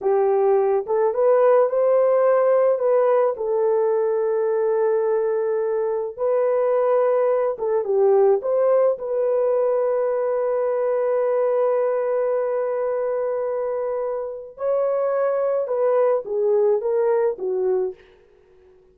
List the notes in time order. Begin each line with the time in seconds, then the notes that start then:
0.01 G4
0.86 A4
1.14 B4
1.69 C5
2.78 B4
3.36 A4
6.16 B4
7.58 A4
7.84 G4
8.41 C5
8.98 B4
14.57 C#5
15.67 B4
16.25 G#4
16.81 A#4
17.38 F#4